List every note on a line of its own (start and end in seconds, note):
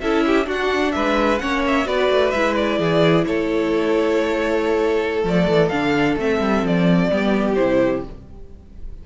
0.00 0.46 C#4
0.00 0.44 E4
0.00 0.25 A4
0.00 0.47 E5
0.26 0.47 G4
0.44 1.37 D4
0.44 0.93 D4
0.44 0.93 F#4
0.51 0.92 F#5
0.92 1.42 G#3
0.92 1.42 B4
0.92 1.38 E5
1.38 1.86 A#3
1.38 1.85 C#4
1.38 1.86 C#5
1.38 1.62 F#5
1.67 1.87 E5
1.85 2.09 B3
1.85 2.32 F#4
1.85 2.78 B4
1.85 2.31 D5
2.10 2.33 A3
2.31 2.79 G#3
2.31 5.23 E4
2.31 2.54 E5
2.55 3.25 D5
2.78 3.25 E3
2.78 3.25 G#4
3.26 5.23 A3
3.26 7.11 A4
3.26 5.23 C#5
5.23 5.47 F3
5.23 5.70 A3
5.23 5.69 D5
5.47 5.70 E3
5.69 6.16 D3
5.69 6.18 D4
5.69 6.15 F5
6.16 6.39 A3
6.16 7.11 C4
6.16 6.66 E5
6.40 6.62 G3
6.62 7.09 F3
6.62 7.54 D5
7.11 7.57 G3
7.11 7.57 B3
7.11 8.04 G4
7.54 8.06 C3
7.54 8.03 E4
7.54 8.01 C5